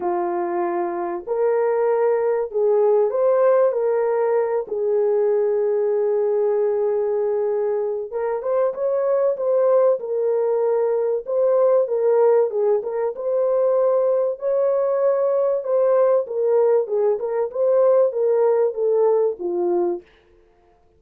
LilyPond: \new Staff \with { instrumentName = "horn" } { \time 4/4 \tempo 4 = 96 f'2 ais'2 | gis'4 c''4 ais'4. gis'8~ | gis'1~ | gis'4 ais'8 c''8 cis''4 c''4 |
ais'2 c''4 ais'4 | gis'8 ais'8 c''2 cis''4~ | cis''4 c''4 ais'4 gis'8 ais'8 | c''4 ais'4 a'4 f'4 | }